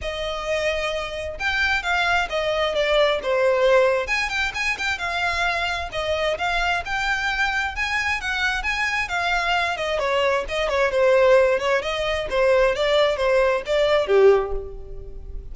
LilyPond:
\new Staff \with { instrumentName = "violin" } { \time 4/4 \tempo 4 = 132 dis''2. g''4 | f''4 dis''4 d''4 c''4~ | c''4 gis''8 g''8 gis''8 g''8 f''4~ | f''4 dis''4 f''4 g''4~ |
g''4 gis''4 fis''4 gis''4 | f''4. dis''8 cis''4 dis''8 cis''8 | c''4. cis''8 dis''4 c''4 | d''4 c''4 d''4 g'4 | }